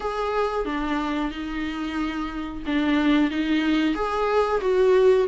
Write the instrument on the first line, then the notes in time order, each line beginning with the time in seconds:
viola
0.00 G#4
0.65 D4
1.31 D#4
2.66 D4
3.30 D#4
3.94 G#4
4.60 F#4